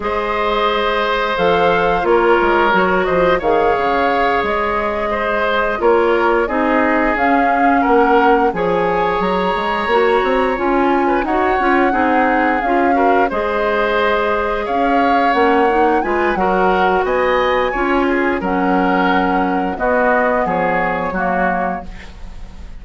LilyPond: <<
  \new Staff \with { instrumentName = "flute" } { \time 4/4 \tempo 4 = 88 dis''2 f''4 cis''4~ | cis''8 dis''8 f''4. dis''4.~ | dis''8 cis''4 dis''4 f''4 fis''8~ | fis''8 gis''4 ais''2 gis''8~ |
gis''8 fis''2 f''4 dis''8~ | dis''4. f''4 fis''4 gis''8 | fis''4 gis''2 fis''4~ | fis''4 dis''4 cis''2 | }
  \new Staff \with { instrumentName = "oboe" } { \time 4/4 c''2. ais'4~ | ais'8 c''8 cis''2~ cis''8 c''8~ | c''8 ais'4 gis'2 ais'8~ | ais'8 cis''2.~ cis''8~ |
cis''16 b'16 cis''4 gis'4. ais'8 c''8~ | c''4. cis''2 b'8 | ais'4 dis''4 cis''8 gis'8 ais'4~ | ais'4 fis'4 gis'4 fis'4 | }
  \new Staff \with { instrumentName = "clarinet" } { \time 4/4 gis'2 a'4 f'4 | fis'4 gis'2.~ | gis'8 f'4 dis'4 cis'4.~ | cis'8 gis'2 fis'4 f'8~ |
f'8 fis'8 f'8 dis'4 f'8 fis'8 gis'8~ | gis'2~ gis'8 cis'8 dis'8 f'8 | fis'2 f'4 cis'4~ | cis'4 b2 ais4 | }
  \new Staff \with { instrumentName = "bassoon" } { \time 4/4 gis2 f4 ais8 gis8 | fis8 f8 dis8 cis4 gis4.~ | gis8 ais4 c'4 cis'4 ais8~ | ais8 f4 fis8 gis8 ais8 c'8 cis'8~ |
cis'8 dis'8 cis'8 c'4 cis'4 gis8~ | gis4. cis'4 ais4 gis8 | fis4 b4 cis'4 fis4~ | fis4 b4 f4 fis4 | }
>>